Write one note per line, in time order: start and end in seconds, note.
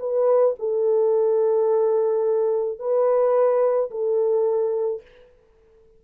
0.00 0.56 B4
0.59 2.79 A4
2.79 3.90 B4
3.91 5.02 A4